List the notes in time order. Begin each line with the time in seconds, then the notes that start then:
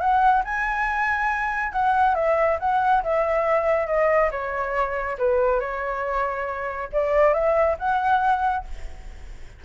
0.00 F#5
0.44 G#5
1.72 F#5
2.15 E5
2.59 F#5
3.03 E5
3.87 D#5
4.31 C#5
5.18 B4
5.60 C#5
6.92 D5
7.33 E5
7.78 F#5